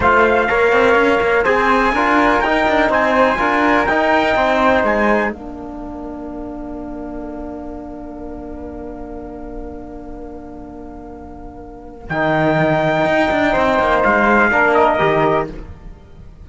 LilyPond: <<
  \new Staff \with { instrumentName = "trumpet" } { \time 4/4 \tempo 4 = 124 f''2. gis''4~ | gis''4 g''4 gis''2 | g''2 gis''4 f''4~ | f''1~ |
f''1~ | f''1~ | f''4 g''2.~ | g''4 f''4. dis''4. | }
  \new Staff \with { instrumentName = "flute" } { \time 4/4 c''4 cis''2 c''4 | ais'2 c''4 ais'4~ | ais'4 c''2 ais'4~ | ais'1~ |
ais'1~ | ais'1~ | ais'1 | c''2 ais'2 | }
  \new Staff \with { instrumentName = "trombone" } { \time 4/4 f'4 ais'2 gis'4 | f'4 dis'2 f'4 | dis'2. d'4~ | d'1~ |
d'1~ | d'1~ | d'4 dis'2.~ | dis'2 d'4 g'4 | }
  \new Staff \with { instrumentName = "cello" } { \time 4/4 a4 ais8 c'8 cis'8 ais8 c'4 | d'4 dis'8 d'8 c'4 d'4 | dis'4 c'4 gis4 ais4~ | ais1~ |
ais1~ | ais1~ | ais4 dis2 dis'8 d'8 | c'8 ais8 gis4 ais4 dis4 | }
>>